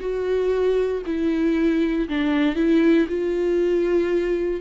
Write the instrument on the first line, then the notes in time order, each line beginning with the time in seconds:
viola
0.00 F#4
1.06 E4
2.09 D4
2.55 E4
3.08 F4